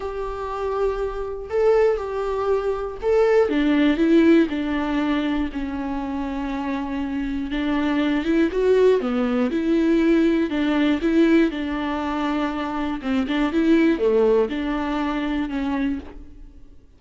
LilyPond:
\new Staff \with { instrumentName = "viola" } { \time 4/4 \tempo 4 = 120 g'2. a'4 | g'2 a'4 d'4 | e'4 d'2 cis'4~ | cis'2. d'4~ |
d'8 e'8 fis'4 b4 e'4~ | e'4 d'4 e'4 d'4~ | d'2 c'8 d'8 e'4 | a4 d'2 cis'4 | }